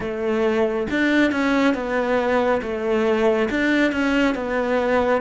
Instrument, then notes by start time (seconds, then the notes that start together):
cello
0.00 A3
0.90 D4
1.31 C#4
1.74 B3
2.62 A3
3.50 D4
3.92 C#4
4.34 B3